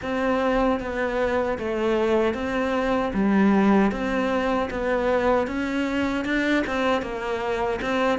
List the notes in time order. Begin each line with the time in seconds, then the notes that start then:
0.02 C4
0.80 B3
1.58 A3
2.34 C4
3.13 G3
3.91 C4
4.70 B3
5.47 C#4
6.24 D4
6.66 C4
7.02 A#3
7.81 C4